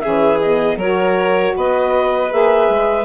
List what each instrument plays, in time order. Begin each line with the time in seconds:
0.00 saxophone C#4, violin G#4, clarinet E5
0.06 bassoon E3
0.39 saxophone B3, clarinet D#5
0.76 bassoon F#3, saxophone F#4, violin A#4, clarinet C#5
1.56 bassoon B3, violin B4, clarinet D#5
2.30 bassoon A#3, saxophone G#4, clarinet E5
2.69 bassoon G#3